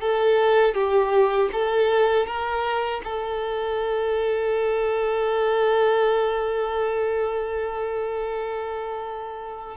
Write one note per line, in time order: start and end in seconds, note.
0.00 0.74 A4
0.74 1.49 G4
1.52 2.26 A4
2.26 3.01 A#4
3.04 9.76 A4